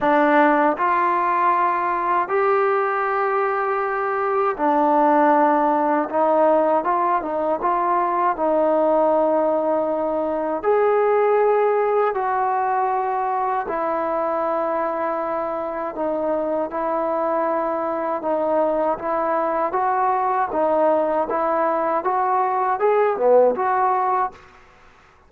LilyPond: \new Staff \with { instrumentName = "trombone" } { \time 4/4 \tempo 4 = 79 d'4 f'2 g'4~ | g'2 d'2 | dis'4 f'8 dis'8 f'4 dis'4~ | dis'2 gis'2 |
fis'2 e'2~ | e'4 dis'4 e'2 | dis'4 e'4 fis'4 dis'4 | e'4 fis'4 gis'8 b8 fis'4 | }